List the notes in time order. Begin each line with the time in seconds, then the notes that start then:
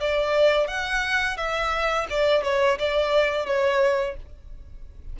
0.00 D5
0.67 F#5
1.37 E5
2.10 D5
2.43 C#5
2.79 D5
3.46 C#5